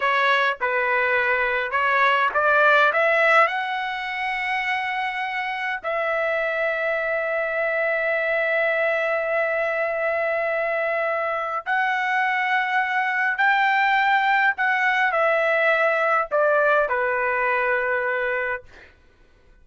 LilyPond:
\new Staff \with { instrumentName = "trumpet" } { \time 4/4 \tempo 4 = 103 cis''4 b'2 cis''4 | d''4 e''4 fis''2~ | fis''2 e''2~ | e''1~ |
e''1 | fis''2. g''4~ | g''4 fis''4 e''2 | d''4 b'2. | }